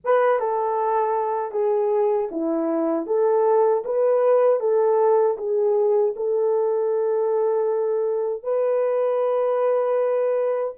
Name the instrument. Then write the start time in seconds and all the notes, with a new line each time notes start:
horn
0.04 B4
0.39 A4
1.51 G#4
2.31 E4
3.06 A4
3.84 B4
4.59 A4
5.37 G#4
6.15 A4
8.43 B4